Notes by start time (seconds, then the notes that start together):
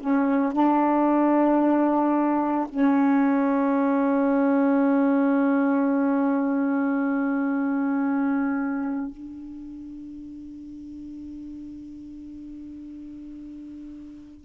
0.00 C#4
0.53 D4
2.68 C#4
9.11 D4